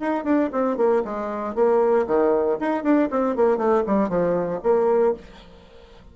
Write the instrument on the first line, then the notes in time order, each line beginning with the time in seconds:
bassoon
0.00 D#4
0.24 D4
0.52 C4
0.77 A#3
1.05 G#3
1.55 A#3
2.07 D#3
2.60 D#4
2.83 D4
3.10 C4
3.36 A#3
3.57 A3
3.87 G3
4.09 F3
4.63 A#3